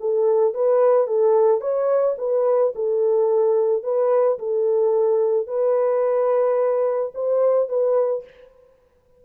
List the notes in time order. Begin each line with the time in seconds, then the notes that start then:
0.00 A4
0.54 B4
1.07 A4
1.61 C#5
2.18 B4
2.75 A4
3.84 B4
4.39 A4
5.47 B4
7.15 C5
7.69 B4